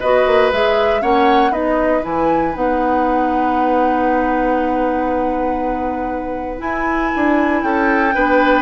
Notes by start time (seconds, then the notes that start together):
0.00 B3 F#4 B4 D#5
0.27 A#3
0.53 G#3 G#4 E5
1.01 A#3 C#4 C#5 F#5
1.51 B3 D#4 B4 D#5
2.03 E3 E4 G#5
2.54 B3 D#4 F#5
6.59 E4 G#5
7.16 D4
7.63 C#4 A4 G5
8.15 B3 D4 B4